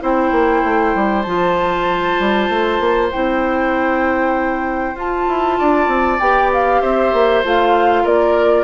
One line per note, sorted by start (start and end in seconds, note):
0.00 0.32 C4
0.00 1.24 E4
0.00 5.59 C5
0.00 1.22 G5
0.32 0.62 A#3
0.64 0.95 A3
0.95 1.26 G3
1.22 2.18 F3
1.22 3.12 F4
1.22 3.08 A5
2.19 2.49 G3
2.49 2.80 A3
2.80 3.10 A#3
3.12 4.95 C4
3.12 4.95 E4
3.12 4.97 G5
4.95 5.26 F4
4.95 6.19 F4
4.95 6.20 A5
5.28 5.59 E4
5.59 5.87 D4
5.59 6.82 D5
5.87 6.18 C4
6.20 6.82 B3
6.20 7.44 G4
6.20 6.51 G5
6.53 6.81 F5
6.81 7.13 C4
6.81 8.03 C5
6.81 7.43 E5
7.13 7.44 A#3
7.44 8.05 A3
7.44 8.64 F4
7.44 8.06 F5
8.03 8.64 A#3
8.03 8.64 A#4
8.03 8.64 D5